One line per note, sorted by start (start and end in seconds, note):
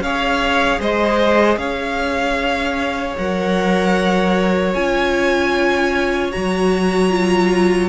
0.00 0.79 C#4
0.00 3.18 G#4
0.00 0.80 C#5
0.00 0.81 F5
0.80 1.57 G#3
0.80 1.59 C5
0.80 1.58 D#5
1.57 3.15 C#4
1.57 7.90 C#5
1.57 3.16 F5
3.18 4.75 F#3
3.18 4.75 A#4
3.18 4.74 F#5
4.74 6.33 C#4
4.74 6.32 F4
4.74 6.32 G#5
6.32 7.90 F#3
6.32 7.10 F#4
6.32 7.90 A#5
7.10 7.89 F4